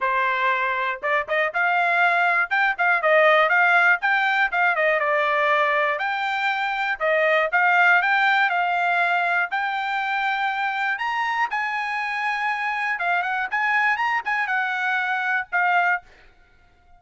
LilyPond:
\new Staff \with { instrumentName = "trumpet" } { \time 4/4 \tempo 4 = 120 c''2 d''8 dis''8 f''4~ | f''4 g''8 f''8 dis''4 f''4 | g''4 f''8 dis''8 d''2 | g''2 dis''4 f''4 |
g''4 f''2 g''4~ | g''2 ais''4 gis''4~ | gis''2 f''8 fis''8 gis''4 | ais''8 gis''8 fis''2 f''4 | }